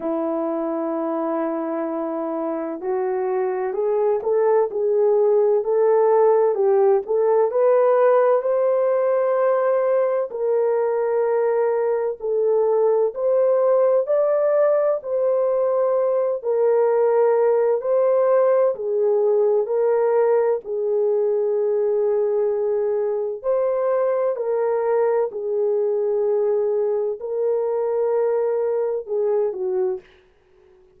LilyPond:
\new Staff \with { instrumentName = "horn" } { \time 4/4 \tempo 4 = 64 e'2. fis'4 | gis'8 a'8 gis'4 a'4 g'8 a'8 | b'4 c''2 ais'4~ | ais'4 a'4 c''4 d''4 |
c''4. ais'4. c''4 | gis'4 ais'4 gis'2~ | gis'4 c''4 ais'4 gis'4~ | gis'4 ais'2 gis'8 fis'8 | }